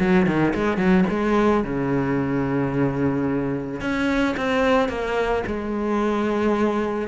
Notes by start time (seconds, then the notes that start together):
0.00 F#3
0.27 D#3
0.55 G#3
0.78 F#3
1.10 G#3
1.64 C#3
3.81 C#4
4.37 C4
4.89 A#3
5.47 G#3